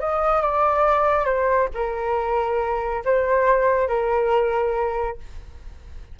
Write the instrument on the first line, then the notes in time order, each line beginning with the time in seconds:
flute
0.00 D#5
0.42 D5
1.25 C5
1.74 A#4
3.05 C5
3.88 A#4